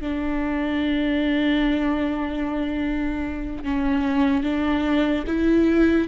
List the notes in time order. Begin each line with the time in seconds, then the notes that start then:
0.00 D4
3.64 C#4
4.43 D4
5.27 E4